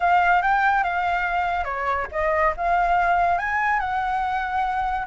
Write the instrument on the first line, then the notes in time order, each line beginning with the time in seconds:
flute
0.00 F5
0.42 G5
0.83 F5
1.64 C#5
2.11 D#5
2.56 F5
3.38 G#5
3.79 F#5